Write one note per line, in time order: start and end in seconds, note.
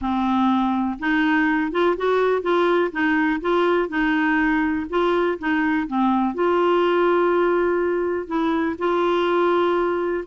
0.01 0.98 C4
0.99 1.71 D#4
1.71 1.95 F4
1.96 2.42 F#4
2.42 2.90 F4
2.91 3.40 D#4
3.40 3.88 F4
3.88 4.86 D#4
4.89 5.38 F4
5.38 5.87 D#4
5.87 6.34 C4
6.34 8.27 F4
8.27 8.76 E4
8.78 10.24 F4